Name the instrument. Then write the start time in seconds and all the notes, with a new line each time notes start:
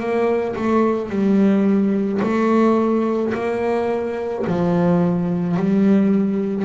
double bass
0.00 A#3
0.56 A3
1.10 G3
2.22 A3
3.34 A#3
4.47 F3
5.57 G3